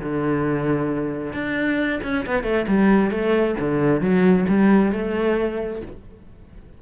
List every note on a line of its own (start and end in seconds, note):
0.00 1.33 D3
1.33 2.00 D4
2.03 2.26 C#4
2.27 2.43 B3
2.43 2.66 A3
2.68 3.11 G3
3.11 3.56 A3
3.60 4.01 D3
4.01 4.46 F#3
4.48 4.92 G3
4.92 5.82 A3